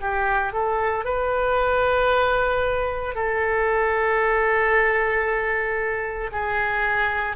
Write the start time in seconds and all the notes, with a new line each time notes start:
0.00 G4
0.53 A4
1.04 B4
3.14 A4
6.32 G#4